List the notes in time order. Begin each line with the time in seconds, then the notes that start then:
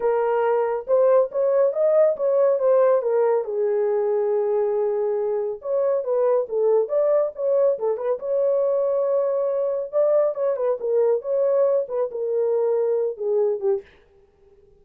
0.00 A#4
0.87 C5
1.31 C#5
1.72 D#5
2.16 C#5
2.59 C5
3.02 A#4
3.44 G#4
5.61 C#5
6.03 B4
6.49 A4
6.88 D5
7.35 C#5
7.78 A4
7.97 B4
8.19 C#5
9.91 D5
10.34 C#5
10.56 B4
10.80 A#4
11.21 C#5
11.88 B4
12.11 A#4
13.17 G#4
13.60 G4